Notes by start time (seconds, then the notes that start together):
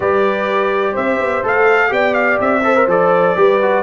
0.00 G3 G4 B4 D5
0.92 C4 C5 E5
1.19 B3
1.43 A3 A4 F5
1.89 B3 G4 D5 G5
2.13 F5
2.39 C4 E5
2.63 A4 C5
2.75 A#4
2.86 F3 A4 D5
3.36 G3 G4 B4
3.61 F#4